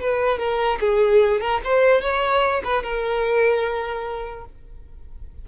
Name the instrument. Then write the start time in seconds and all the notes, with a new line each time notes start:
violin
0.00 B4
0.38 A#4
0.80 G#4
1.41 A#4
1.64 C5
2.01 C#5
2.64 B4
2.83 A#4